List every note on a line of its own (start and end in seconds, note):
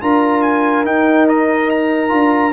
0.00 0.85 D4
0.00 0.85 F4
0.00 2.53 A#4
0.00 0.42 A#5
0.42 0.84 G#5
0.85 2.09 D#4
0.85 2.12 D#4
0.85 1.27 G5
1.28 1.70 D#5
1.70 2.53 A#5
2.09 2.53 D4
2.09 2.51 F4